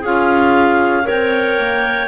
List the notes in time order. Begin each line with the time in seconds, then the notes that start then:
0.00 C#4 F4 G#4 F5
1.04 C4 A#4 C#5
1.10 G5
1.59 A#3